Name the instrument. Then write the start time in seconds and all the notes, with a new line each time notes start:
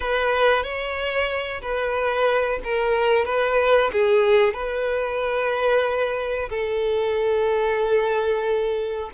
violin
0.00 B4
0.63 C#5
1.61 B4
2.64 A#4
3.25 B4
3.92 G#4
4.53 B4
6.49 A4